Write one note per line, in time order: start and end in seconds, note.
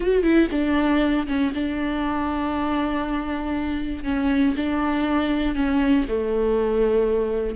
0.00 0.23 F#4
0.23 0.48 E4
0.51 1.26 D4
1.27 1.52 C#4
1.54 4.04 D4
4.04 4.54 C#4
4.56 5.55 D4
5.55 6.05 C#4
6.08 7.55 A3